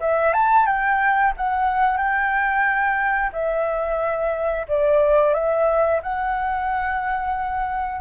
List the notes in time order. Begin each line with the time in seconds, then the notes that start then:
0.00 E5
0.33 A5
0.66 G5
1.37 F#5
1.97 G5
3.33 E5
4.68 D5
5.34 E5
6.03 F#5